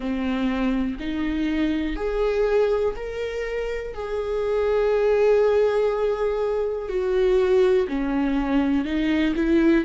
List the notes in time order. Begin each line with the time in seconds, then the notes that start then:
0.00 C4
0.99 D#4
1.96 G#4
2.96 A#4
3.93 G#4
6.89 F#4
7.87 C#4
8.84 D#4
9.35 E4